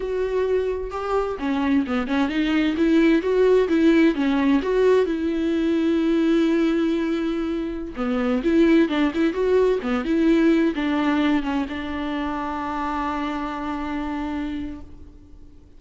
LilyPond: \new Staff \with { instrumentName = "viola" } { \time 4/4 \tempo 4 = 130 fis'2 g'4 cis'4 | b8 cis'8 dis'4 e'4 fis'4 | e'4 cis'4 fis'4 e'4~ | e'1~ |
e'4~ e'16 b4 e'4 d'8 e'16~ | e'16 fis'4 b8 e'4. d'8.~ | d'8. cis'8 d'2~ d'8.~ | d'1 | }